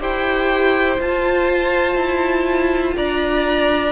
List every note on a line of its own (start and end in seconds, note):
0.00 0.99 E4
0.00 0.98 G4
0.00 2.96 C5
0.00 1.01 G5
0.99 3.92 F4
0.99 1.95 F4
0.99 2.97 A5
1.95 2.94 E4
2.96 3.92 D4
2.96 3.92 D5
2.96 3.92 A#5